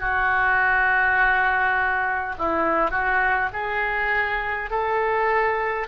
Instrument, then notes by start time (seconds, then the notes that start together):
oboe
0.00 F#4
2.38 E4
2.91 F#4
3.53 G#4
4.71 A4